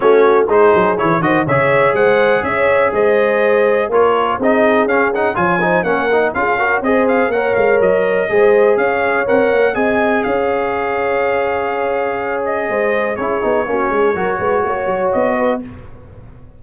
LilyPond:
<<
  \new Staff \with { instrumentName = "trumpet" } { \time 4/4 \tempo 4 = 123 cis''4 c''4 cis''8 dis''8 e''4 | fis''4 e''4 dis''2 | cis''4 dis''4 f''8 fis''8 gis''4 | fis''4 f''4 dis''8 f''8 fis''8 f''8 |
dis''2 f''4 fis''4 | gis''4 f''2.~ | f''4. dis''4. cis''4~ | cis''2. dis''4 | }
  \new Staff \with { instrumentName = "horn" } { \time 4/4 fis'4 gis'4. c''8 cis''4 | c''4 cis''4 c''2 | ais'4 gis'2 cis''8 c''8 | ais'4 gis'8 ais'8 c''4 cis''4~ |
cis''4 c''4 cis''2 | dis''4 cis''2.~ | cis''2 c''4 gis'4 | fis'8 gis'8 ais'8 b'8 cis''4. b'8 | }
  \new Staff \with { instrumentName = "trombone" } { \time 4/4 cis'4 dis'4 e'8 fis'8 gis'4~ | gis'1 | f'4 dis'4 cis'8 dis'8 f'8 dis'8 | cis'8 dis'8 f'8 fis'8 gis'4 ais'4~ |
ais'4 gis'2 ais'4 | gis'1~ | gis'2. e'8 dis'8 | cis'4 fis'2. | }
  \new Staff \with { instrumentName = "tuba" } { \time 4/4 a4 gis8 fis8 e8 dis8 cis4 | gis4 cis'4 gis2 | ais4 c'4 cis'4 f4 | ais4 cis'4 c'4 ais8 gis8 |
fis4 gis4 cis'4 c'8 ais8 | c'4 cis'2.~ | cis'2 gis4 cis'8 b8 | ais8 gis8 fis8 gis8 ais8 fis8 b4 | }
>>